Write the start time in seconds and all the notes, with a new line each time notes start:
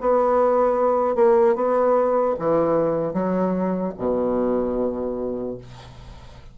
0.00 B3
1.15 A#3
1.55 B3
2.39 E3
3.13 F#3
3.97 B2